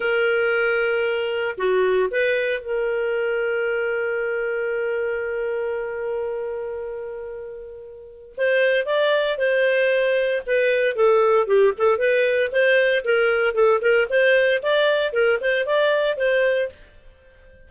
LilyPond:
\new Staff \with { instrumentName = "clarinet" } { \time 4/4 \tempo 4 = 115 ais'2. fis'4 | b'4 ais'2.~ | ais'1~ | ais'1 |
c''4 d''4 c''2 | b'4 a'4 g'8 a'8 b'4 | c''4 ais'4 a'8 ais'8 c''4 | d''4 ais'8 c''8 d''4 c''4 | }